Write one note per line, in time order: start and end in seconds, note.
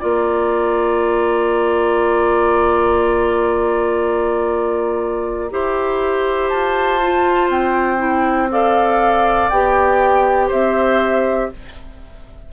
0.00 5.52 A#3
0.00 5.50 F4
0.00 5.50 D5
0.00 6.49 A#5
5.51 6.52 E4
5.51 7.01 G4
5.51 8.52 C5
6.49 7.50 F4
6.49 7.49 A5
7.02 7.98 F4
7.50 9.50 C4
7.50 8.51 G5
7.98 8.48 E4
8.51 9.51 A4
8.51 10.48 D5
8.51 9.50 F5
9.50 10.51 B3
9.50 11.53 G4
9.50 10.50 G5
10.48 11.52 C4
10.48 11.48 C5
10.48 11.52 E5